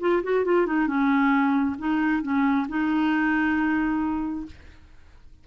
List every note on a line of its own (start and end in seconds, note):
0.00 0.22 F4
0.23 0.45 F#4
0.45 0.66 F4
0.66 0.87 D#4
0.87 1.76 C#4
1.78 2.22 D#4
2.22 2.67 C#4
2.68 4.46 D#4